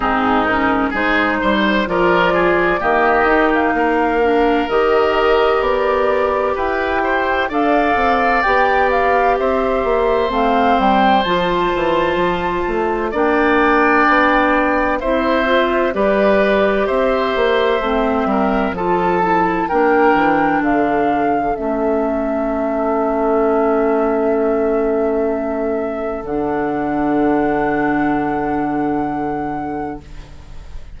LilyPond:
<<
  \new Staff \with { instrumentName = "flute" } { \time 4/4 \tempo 4 = 64 gis'8 ais'8 c''4 d''4 dis''8. f''16~ | f''4 dis''4 d''4 g''4 | f''4 g''8 f''8 e''4 f''8 g''8 | a''2 g''2 |
e''4 d''4 e''2 | a''4 g''4 f''4 e''4~ | e''1 | fis''1 | }
  \new Staff \with { instrumentName = "oboe" } { \time 4/4 dis'4 gis'8 c''8 ais'8 gis'8 g'4 | ais'2. b'8 c''8 | d''2 c''2~ | c''2 d''2 |
c''4 b'4 c''4. ais'8 | a'4 ais'4 a'2~ | a'1~ | a'1 | }
  \new Staff \with { instrumentName = "clarinet" } { \time 4/4 c'8 cis'8 dis'4 f'4 ais8 dis'8~ | dis'8 d'8 g'2. | a'4 g'2 c'4 | f'2 d'2 |
e'8 f'8 g'2 c'4 | f'8 e'8 d'2 cis'4~ | cis'1 | d'1 | }
  \new Staff \with { instrumentName = "bassoon" } { \time 4/4 gis,4 gis8 g8 f4 dis4 | ais4 dis4 b4 e'4 | d'8 c'8 b4 c'8 ais8 a8 g8 | f8 e8 f8 a8 ais4 b4 |
c'4 g4 c'8 ais8 a8 g8 | f4 ais8 e8 d4 a4~ | a1 | d1 | }
>>